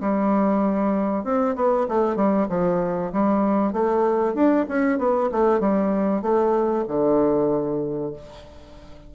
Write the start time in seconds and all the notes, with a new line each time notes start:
0.00 G3
1.24 C4
1.55 B3
1.88 A3
2.16 G3
2.49 F3
3.12 G3
3.73 A3
4.34 D4
4.68 C#4
4.98 B3
5.31 A3
5.60 G3
6.22 A3
6.88 D3